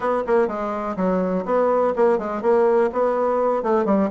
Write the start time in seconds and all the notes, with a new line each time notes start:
0.00 B3
0.26 A#3
0.47 G#3
0.96 F#3
1.45 B3
1.96 A#3
2.18 G#3
2.42 A#3
2.92 B3
3.62 A3
3.85 G3